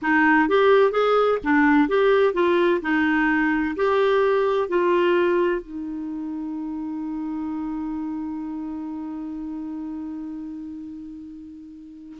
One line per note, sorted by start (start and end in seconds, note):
0.02 0.49 D#4
0.49 0.91 G4
0.91 1.38 G#4
1.43 1.88 D4
1.88 2.34 G4
2.34 2.80 F4
2.81 3.75 D#4
3.75 4.68 G4
4.68 5.61 F4
5.61 12.17 D#4